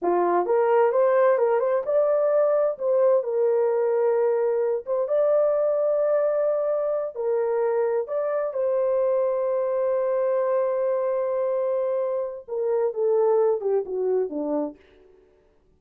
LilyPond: \new Staff \with { instrumentName = "horn" } { \time 4/4 \tempo 4 = 130 f'4 ais'4 c''4 ais'8 c''8 | d''2 c''4 ais'4~ | ais'2~ ais'8 c''8 d''4~ | d''2.~ d''8 ais'8~ |
ais'4. d''4 c''4.~ | c''1~ | c''2. ais'4 | a'4. g'8 fis'4 d'4 | }